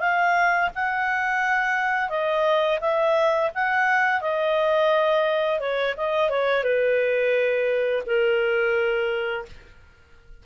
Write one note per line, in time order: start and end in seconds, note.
0.00 0.70 F5
0.75 2.09 F#5
2.09 2.79 D#5
2.81 3.51 E5
3.55 4.21 F#5
4.21 5.60 D#5
5.60 5.95 C#5
5.97 6.30 D#5
6.30 6.64 C#5
6.64 8.03 B4
8.06 9.46 A#4